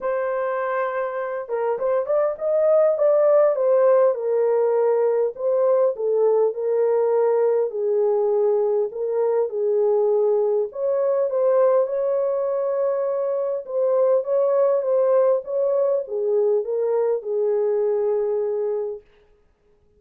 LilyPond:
\new Staff \with { instrumentName = "horn" } { \time 4/4 \tempo 4 = 101 c''2~ c''8 ais'8 c''8 d''8 | dis''4 d''4 c''4 ais'4~ | ais'4 c''4 a'4 ais'4~ | ais'4 gis'2 ais'4 |
gis'2 cis''4 c''4 | cis''2. c''4 | cis''4 c''4 cis''4 gis'4 | ais'4 gis'2. | }